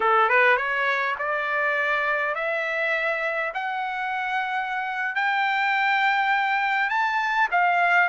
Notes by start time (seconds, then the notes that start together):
0.00 A4
0.29 B4
0.56 C#5
1.18 D5
2.34 E5
3.54 F#5
5.15 G5
6.89 A5
7.51 F5